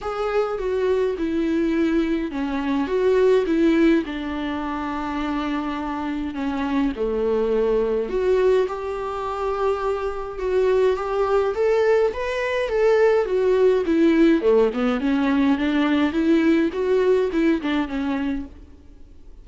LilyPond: \new Staff \with { instrumentName = "viola" } { \time 4/4 \tempo 4 = 104 gis'4 fis'4 e'2 | cis'4 fis'4 e'4 d'4~ | d'2. cis'4 | a2 fis'4 g'4~ |
g'2 fis'4 g'4 | a'4 b'4 a'4 fis'4 | e'4 a8 b8 cis'4 d'4 | e'4 fis'4 e'8 d'8 cis'4 | }